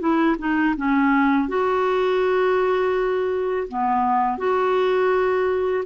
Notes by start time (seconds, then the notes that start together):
0.00 E4
0.39 D#4
0.77 C#4
1.48 F#4
3.69 B3
4.38 F#4